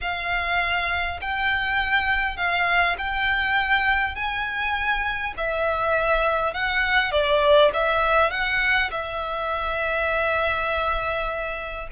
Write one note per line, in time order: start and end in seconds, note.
0.01 1.19 F5
1.21 2.37 G5
2.37 2.96 F5
2.98 4.15 G5
4.15 5.34 G#5
5.37 6.53 E5
6.53 7.11 F#5
7.11 7.71 D5
7.73 8.30 E5
8.30 8.90 F#5
8.91 11.88 E5